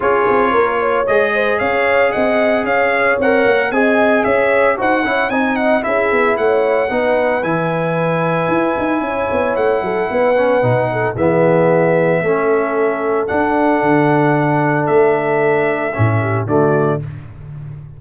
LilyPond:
<<
  \new Staff \with { instrumentName = "trumpet" } { \time 4/4 \tempo 4 = 113 cis''2 dis''4 f''4 | fis''4 f''4 fis''4 gis''4 | e''4 fis''4 gis''8 fis''8 e''4 | fis''2 gis''2~ |
gis''2 fis''2~ | fis''4 e''2.~ | e''4 fis''2. | e''2. d''4 | }
  \new Staff \with { instrumentName = "horn" } { \time 4/4 gis'4 ais'8 cis''4 c''8 cis''4 | dis''4 cis''2 dis''4 | cis''4 c''8 cis''8 dis''4 gis'4 | cis''4 b'2.~ |
b'4 cis''4. a'8 b'4~ | b'8 a'8 gis'2 a'4~ | a'1~ | a'2~ a'8 g'8 fis'4 | }
  \new Staff \with { instrumentName = "trombone" } { \time 4/4 f'2 gis'2~ | gis'2 ais'4 gis'4~ | gis'4 fis'8 e'8 dis'4 e'4~ | e'4 dis'4 e'2~ |
e'2.~ e'8 cis'8 | dis'4 b2 cis'4~ | cis'4 d'2.~ | d'2 cis'4 a4 | }
  \new Staff \with { instrumentName = "tuba" } { \time 4/4 cis'8 c'8 ais4 gis4 cis'4 | c'4 cis'4 c'8 ais8 c'4 | cis'4 dis'8 cis'8 c'4 cis'8 b8 | a4 b4 e2 |
e'8 dis'8 cis'8 b8 a8 fis8 b4 | b,4 e2 a4~ | a4 d'4 d2 | a2 a,4 d4 | }
>>